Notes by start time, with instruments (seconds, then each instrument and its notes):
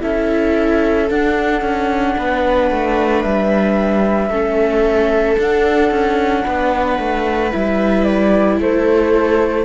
0.00 cello C#4, viola E4 A4, flute E5
1.09 viola D4, cello D4, flute F#5
1.61 cello C#4
2.17 cello B3, viola B4
2.71 cello A3
3.22 cello G3, flute E5
4.29 cello A3, viola C#4 A4
5.38 cello D4, viola D4, flute F#5
5.91 cello C#4
6.43 cello B3, viola B4
6.98 cello A3
7.52 cello G3, viola E4, flute E5
8.04 flute D5
8.59 cello A3, viola A4, flute C5